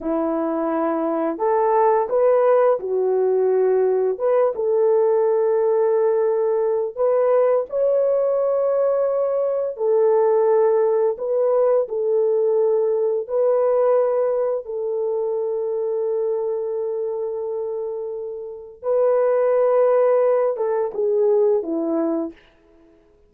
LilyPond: \new Staff \with { instrumentName = "horn" } { \time 4/4 \tempo 4 = 86 e'2 a'4 b'4 | fis'2 b'8 a'4.~ | a'2 b'4 cis''4~ | cis''2 a'2 |
b'4 a'2 b'4~ | b'4 a'2.~ | a'2. b'4~ | b'4. a'8 gis'4 e'4 | }